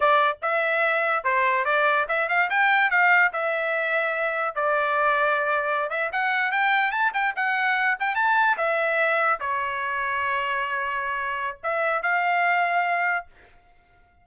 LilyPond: \new Staff \with { instrumentName = "trumpet" } { \time 4/4 \tempo 4 = 145 d''4 e''2 c''4 | d''4 e''8 f''8 g''4 f''4 | e''2. d''4~ | d''2~ d''16 e''8 fis''4 g''16~ |
g''8. a''8 g''8 fis''4. g''8 a''16~ | a''8. e''2 cis''4~ cis''16~ | cis''1 | e''4 f''2. | }